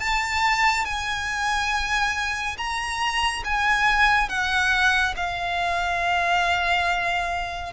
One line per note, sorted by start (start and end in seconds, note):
0.00 0.86 A5
0.86 2.57 G#5
2.58 3.44 A#5
3.45 4.29 G#5
4.29 5.15 F#5
5.17 7.73 F5